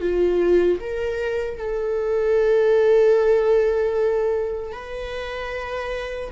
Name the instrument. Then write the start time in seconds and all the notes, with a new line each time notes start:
viola
0.00 F4
0.80 A#4
1.57 A4
4.72 B4